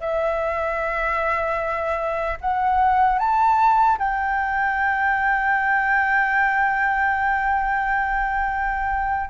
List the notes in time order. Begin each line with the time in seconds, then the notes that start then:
0.00 E5
2.40 F#5
3.19 A5
3.98 G5